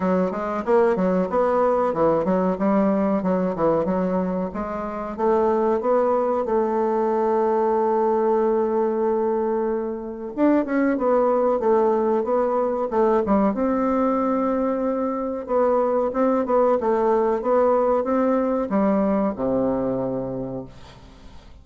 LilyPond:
\new Staff \with { instrumentName = "bassoon" } { \time 4/4 \tempo 4 = 93 fis8 gis8 ais8 fis8 b4 e8 fis8 | g4 fis8 e8 fis4 gis4 | a4 b4 a2~ | a1 |
d'8 cis'8 b4 a4 b4 | a8 g8 c'2. | b4 c'8 b8 a4 b4 | c'4 g4 c2 | }